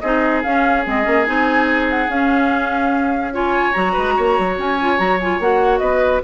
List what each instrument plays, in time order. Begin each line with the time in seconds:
0.00 bassoon C4, clarinet D#4, oboe G#4, flute D#5
0.43 clarinet C#4, bassoon C#4, flute F5
0.84 bassoon G#3, clarinet C4, flute D#5
1.03 bassoon A#3, clarinet C#4
1.24 bassoon C4, clarinet D#4, flute G#5
1.90 flute F#5
2.08 bassoon C#4, clarinet C#4, flute F5
3.32 clarinet F4, oboe C#5, flute G#5
3.72 bassoon F#3, clarinet F#4, flute A#5
3.92 bassoon G#3, oboe B4
4.17 bassoon A#3, oboe C#5
4.39 bassoon F#3
4.58 bassoon C#4, flute G#5
4.81 clarinet F4
4.97 bassoon F#3, clarinet F#4, flute A#5
5.20 clarinet F4, flute G#5
5.39 bassoon A#3, clarinet F#4, flute F#5
5.78 bassoon B3, oboe B4, flute D#5